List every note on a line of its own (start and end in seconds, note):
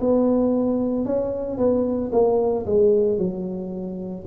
0.00 1.05 B3
1.05 1.57 C#4
1.57 2.11 B3
2.12 2.66 A#3
2.66 3.18 G#3
3.18 4.25 F#3